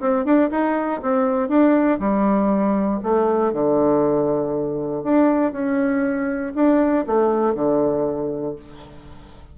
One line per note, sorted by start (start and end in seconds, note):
0.00 0.25 C4
0.25 0.50 D4
0.50 1.01 D#4
1.02 1.48 C4
1.48 1.99 D4
1.99 3.00 G3
3.03 3.53 A3
3.53 5.04 D3
5.04 5.52 D4
5.52 6.53 C#4
6.55 7.05 D4
7.07 7.54 A3
7.54 8.55 D3